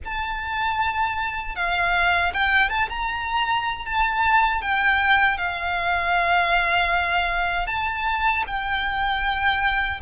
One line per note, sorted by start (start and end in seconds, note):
0.04 1.55 A5
1.55 2.32 F5
2.33 2.69 G5
2.69 2.88 A5
2.89 3.85 A#5
3.85 4.61 A5
4.61 5.37 G5
5.37 7.66 F5
7.66 8.43 A5
8.47 10.00 G5